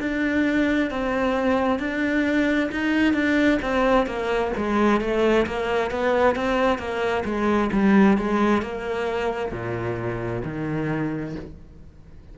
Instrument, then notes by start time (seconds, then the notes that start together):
cello
0.00 D4
0.90 C4
1.79 D4
2.71 D#4
3.14 D4
3.62 C4
4.06 A#3
4.57 G#3
5.01 A3
5.47 A#3
5.90 B3
6.36 C4
6.79 A#3
7.25 G#3
7.72 G3
8.17 G#3
8.62 A#3
9.52 A#2
10.45 D#3